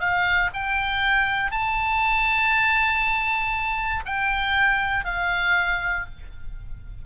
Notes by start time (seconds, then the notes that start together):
0.00 F5
0.54 G5
1.51 A5
4.06 G5
5.05 F5